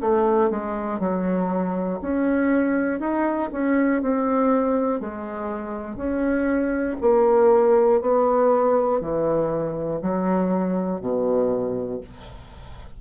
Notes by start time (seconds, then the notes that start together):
0.00 A3
0.50 G#3
0.99 F#3
2.01 C#4
2.99 D#4
3.51 C#4
4.01 C4
5.00 G#3
5.96 C#4
7.00 A#3
8.01 B3
9.00 E3
10.02 F#3
11.00 B2